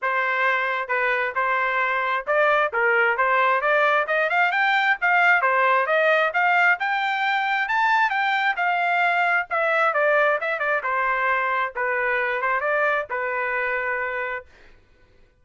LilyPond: \new Staff \with { instrumentName = "trumpet" } { \time 4/4 \tempo 4 = 133 c''2 b'4 c''4~ | c''4 d''4 ais'4 c''4 | d''4 dis''8 f''8 g''4 f''4 | c''4 dis''4 f''4 g''4~ |
g''4 a''4 g''4 f''4~ | f''4 e''4 d''4 e''8 d''8 | c''2 b'4. c''8 | d''4 b'2. | }